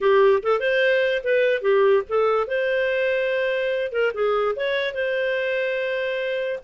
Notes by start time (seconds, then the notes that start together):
0.01 G4
0.43 A4
0.60 C5
1.23 B4
1.61 G4
2.08 A4
2.47 C5
3.91 A#4
4.14 G#4
4.56 C#5
4.94 C5